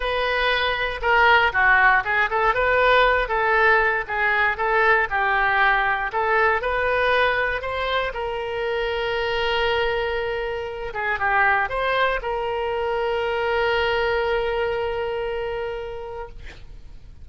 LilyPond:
\new Staff \with { instrumentName = "oboe" } { \time 4/4 \tempo 4 = 118 b'2 ais'4 fis'4 | gis'8 a'8 b'4. a'4. | gis'4 a'4 g'2 | a'4 b'2 c''4 |
ais'1~ | ais'4. gis'8 g'4 c''4 | ais'1~ | ais'1 | }